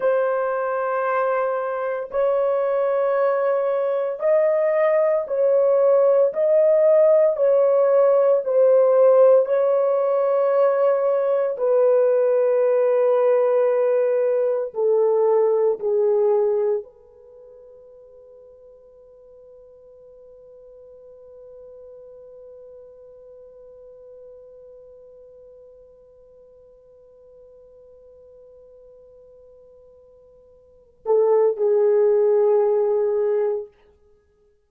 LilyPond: \new Staff \with { instrumentName = "horn" } { \time 4/4 \tempo 4 = 57 c''2 cis''2 | dis''4 cis''4 dis''4 cis''4 | c''4 cis''2 b'4~ | b'2 a'4 gis'4 |
b'1~ | b'1~ | b'1~ | b'4. a'8 gis'2 | }